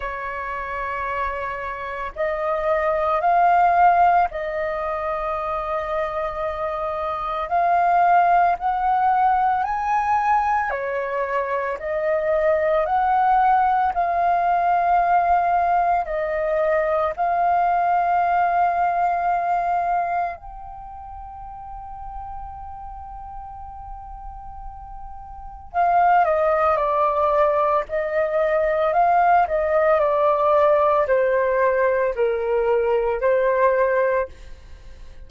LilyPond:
\new Staff \with { instrumentName = "flute" } { \time 4/4 \tempo 4 = 56 cis''2 dis''4 f''4 | dis''2. f''4 | fis''4 gis''4 cis''4 dis''4 | fis''4 f''2 dis''4 |
f''2. g''4~ | g''1 | f''8 dis''8 d''4 dis''4 f''8 dis''8 | d''4 c''4 ais'4 c''4 | }